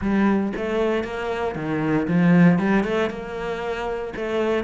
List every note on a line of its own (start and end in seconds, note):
0.01 0.53 G3
0.56 1.03 A3
1.03 1.55 A#3
1.55 2.07 D#3
2.07 2.59 F3
2.59 2.84 G3
2.84 3.09 A3
3.10 4.13 A#3
4.15 4.64 A3